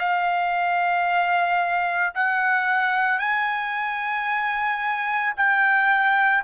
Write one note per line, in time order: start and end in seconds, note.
0.00 2.14 F5
2.15 3.19 F#5
3.19 5.33 G#5
5.37 6.44 G5